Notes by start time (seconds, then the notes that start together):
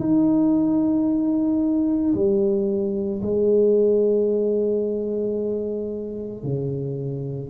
0.00 D#4
2.15 G3
3.22 G#3
6.43 C#3